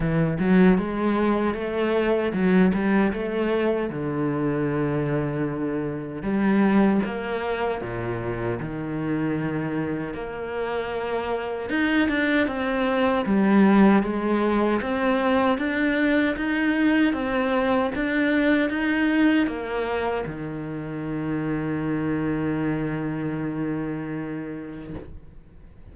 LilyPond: \new Staff \with { instrumentName = "cello" } { \time 4/4 \tempo 4 = 77 e8 fis8 gis4 a4 fis8 g8 | a4 d2. | g4 ais4 ais,4 dis4~ | dis4 ais2 dis'8 d'8 |
c'4 g4 gis4 c'4 | d'4 dis'4 c'4 d'4 | dis'4 ais4 dis2~ | dis1 | }